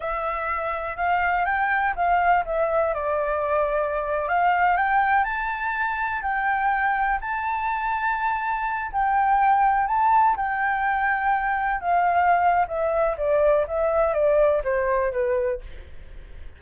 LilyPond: \new Staff \with { instrumentName = "flute" } { \time 4/4 \tempo 4 = 123 e''2 f''4 g''4 | f''4 e''4 d''2~ | d''8. f''4 g''4 a''4~ a''16~ | a''8. g''2 a''4~ a''16~ |
a''2~ a''16 g''4.~ g''16~ | g''16 a''4 g''2~ g''8.~ | g''16 f''4.~ f''16 e''4 d''4 | e''4 d''4 c''4 b'4 | }